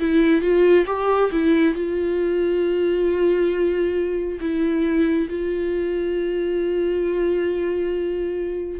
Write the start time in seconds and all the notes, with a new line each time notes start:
0.00 E4
0.41 F4
0.87 G4
1.32 E4
1.75 F4
4.40 E4
5.29 F4